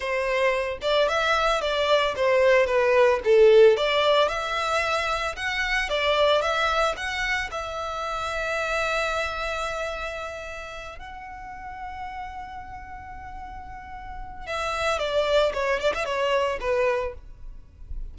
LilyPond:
\new Staff \with { instrumentName = "violin" } { \time 4/4 \tempo 4 = 112 c''4. d''8 e''4 d''4 | c''4 b'4 a'4 d''4 | e''2 fis''4 d''4 | e''4 fis''4 e''2~ |
e''1~ | e''8 fis''2.~ fis''8~ | fis''2. e''4 | d''4 cis''8 d''16 e''16 cis''4 b'4 | }